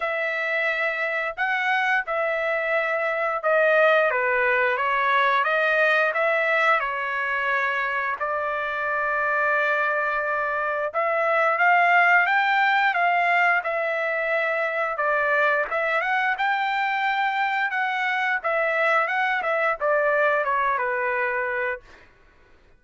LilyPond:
\new Staff \with { instrumentName = "trumpet" } { \time 4/4 \tempo 4 = 88 e''2 fis''4 e''4~ | e''4 dis''4 b'4 cis''4 | dis''4 e''4 cis''2 | d''1 |
e''4 f''4 g''4 f''4 | e''2 d''4 e''8 fis''8 | g''2 fis''4 e''4 | fis''8 e''8 d''4 cis''8 b'4. | }